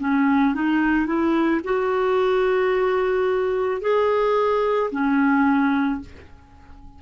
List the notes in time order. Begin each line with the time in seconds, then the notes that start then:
0.00 C#4
0.55 D#4
1.07 E4
1.64 F#4
3.81 G#4
4.91 C#4